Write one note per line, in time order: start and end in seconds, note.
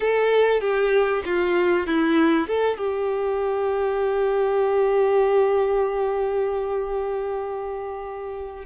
0.00 0.60 A4
0.60 1.22 G4
1.25 1.86 F4
1.86 2.47 E4
2.47 2.77 A4
2.77 8.65 G4